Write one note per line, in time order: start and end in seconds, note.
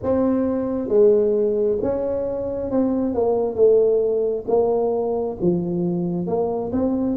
0.02 0.88 C4
0.88 1.77 G#3
1.82 2.71 C#4
2.71 3.14 C4
3.14 3.55 A#3
3.55 4.45 A3
4.47 5.37 A#3
5.41 6.26 F3
6.26 6.71 A#3
6.72 7.16 C4